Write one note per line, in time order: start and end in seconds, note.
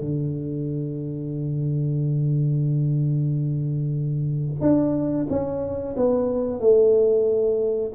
0.00 4.61 D3
4.61 5.27 D4
5.30 5.96 C#4
5.97 6.60 B3
6.60 7.92 A3